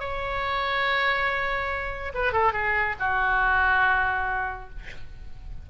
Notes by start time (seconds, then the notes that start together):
0.00 C#5
2.14 B4
2.33 A4
2.53 G#4
3.00 F#4